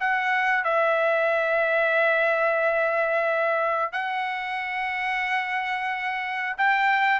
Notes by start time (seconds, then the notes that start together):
0.00 F#5
0.64 E5
3.92 F#5
6.57 G5